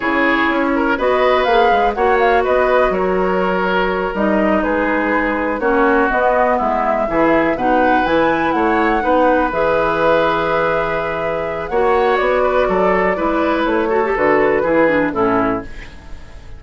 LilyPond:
<<
  \new Staff \with { instrumentName = "flute" } { \time 4/4 \tempo 4 = 123 cis''2 dis''4 f''4 | fis''8 f''8 dis''4 cis''2~ | cis''8 dis''4 b'2 cis''8~ | cis''8 dis''4 e''2 fis''8~ |
fis''8 gis''4 fis''2 e''8~ | e''1 | fis''4 d''2. | cis''4 b'2 a'4 | }
  \new Staff \with { instrumentName = "oboe" } { \time 4/4 gis'4. ais'8 b'2 | cis''4 b'4 ais'2~ | ais'4. gis'2 fis'8~ | fis'4. e'4 gis'4 b'8~ |
b'4. cis''4 b'4.~ | b'1 | cis''4. b'8 a'4 b'4~ | b'8 a'4. gis'4 e'4 | }
  \new Staff \with { instrumentName = "clarinet" } { \time 4/4 e'2 fis'4 gis'4 | fis'1~ | fis'8 dis'2. cis'8~ | cis'8 b2 e'4 dis'8~ |
dis'8 e'2 dis'4 gis'8~ | gis'1 | fis'2. e'4~ | e'8 fis'16 g'16 fis'4 e'8 d'8 cis'4 | }
  \new Staff \with { instrumentName = "bassoon" } { \time 4/4 cis4 cis'4 b4 ais8 gis8 | ais4 b4 fis2~ | fis8 g4 gis2 ais8~ | ais8 b4 gis4 e4 b,8~ |
b,8 e4 a4 b4 e8~ | e1 | ais4 b4 fis4 gis4 | a4 d4 e4 a,4 | }
>>